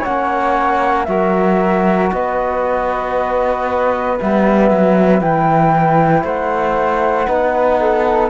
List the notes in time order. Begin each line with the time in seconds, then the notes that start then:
0.00 C#4 C#5 F#5
0.06 A#3
1.05 F#3 F#4 A#4 E5
2.12 B3 B4 D#5
4.20 G3 B3 E5
4.71 F#3
5.21 E3 E4 G5
6.24 A3 C5 F#5
7.27 B3 D#4 B4
7.80 A4